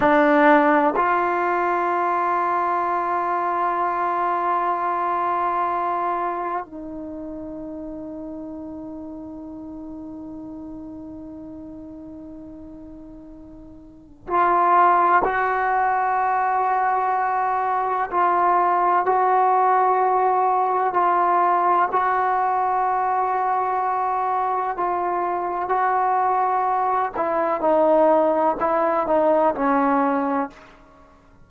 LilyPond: \new Staff \with { instrumentName = "trombone" } { \time 4/4 \tempo 4 = 63 d'4 f'2.~ | f'2. dis'4~ | dis'1~ | dis'2. f'4 |
fis'2. f'4 | fis'2 f'4 fis'4~ | fis'2 f'4 fis'4~ | fis'8 e'8 dis'4 e'8 dis'8 cis'4 | }